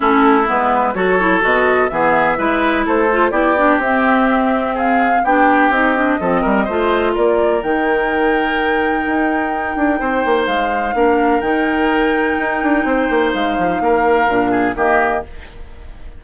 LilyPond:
<<
  \new Staff \with { instrumentName = "flute" } { \time 4/4 \tempo 4 = 126 a'4 b'4 cis''4 dis''4 | e''2 c''4 d''4 | e''2 f''4 g''4 | dis''2. d''4 |
g''1~ | g''2 f''2 | g''1 | f''2. dis''4 | }
  \new Staff \with { instrumentName = "oboe" } { \time 4/4 e'2 a'2 | gis'4 b'4 a'4 g'4~ | g'2 gis'4 g'4~ | g'4 a'8 ais'8 c''4 ais'4~ |
ais'1~ | ais'4 c''2 ais'4~ | ais'2. c''4~ | c''4 ais'4. gis'8 g'4 | }
  \new Staff \with { instrumentName = "clarinet" } { \time 4/4 cis'4 b4 fis'8 e'8 fis'4 | b4 e'4. f'8 e'8 d'8 | c'2. d'4 | dis'8 d'8 c'4 f'2 |
dis'1~ | dis'2. d'4 | dis'1~ | dis'2 d'4 ais4 | }
  \new Staff \with { instrumentName = "bassoon" } { \time 4/4 a4 gis4 fis4 b,4 | e4 gis4 a4 b4 | c'2. b4 | c'4 f8 g8 a4 ais4 |
dis2. dis'4~ | dis'8 d'8 c'8 ais8 gis4 ais4 | dis2 dis'8 d'8 c'8 ais8 | gis8 f8 ais4 ais,4 dis4 | }
>>